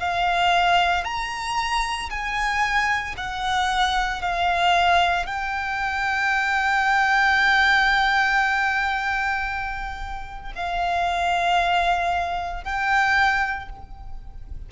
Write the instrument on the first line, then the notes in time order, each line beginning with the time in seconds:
violin
0.00 F5
1.04 A#5
2.10 G#5
3.17 F#5
4.22 F5
5.26 G5
10.55 F5
12.64 G5